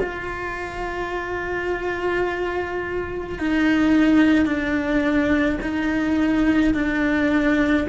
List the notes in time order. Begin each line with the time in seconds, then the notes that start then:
0.00 F4
3.40 D#4
4.46 D4
5.62 D#4
6.75 D4